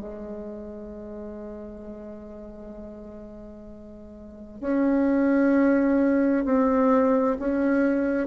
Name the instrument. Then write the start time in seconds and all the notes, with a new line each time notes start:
bassoon
0.00 G#3
4.61 C#4
6.45 C4
7.39 C#4